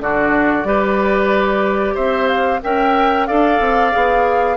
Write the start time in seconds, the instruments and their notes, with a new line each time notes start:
0.00 bassoon D3, clarinet D4, oboe F#4, flute D5
0.64 bassoon G3, clarinet G4, oboe B4
1.95 bassoon C4, oboe C5, flute E5
2.28 flute F5
2.63 bassoon C#4, clarinet A#4, oboe E5, flute G5
3.27 bassoon D4, clarinet A4, oboe D5, flute F5
3.60 bassoon C4
3.92 bassoon B3, clarinet G#4